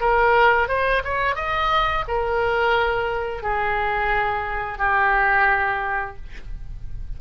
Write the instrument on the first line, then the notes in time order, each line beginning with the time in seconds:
oboe
0.00 A#4
0.68 C5
1.04 C#5
1.35 D#5
2.08 A#4
3.43 G#4
4.78 G4